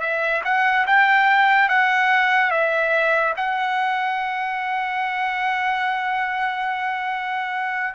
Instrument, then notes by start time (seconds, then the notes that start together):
trumpet
0.00 E5
0.44 F#5
0.86 G5
1.69 F#5
2.50 E5
3.36 F#5